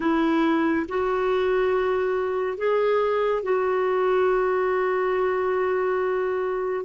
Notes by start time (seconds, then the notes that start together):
0.00 E4
0.88 F#4
2.57 G#4
3.42 F#4